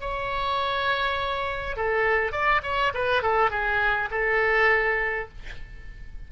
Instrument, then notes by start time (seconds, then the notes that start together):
oboe
0.00 C#5
1.76 A4
2.32 D5
2.63 C#5
2.94 B4
3.22 A4
3.50 G#4
4.10 A4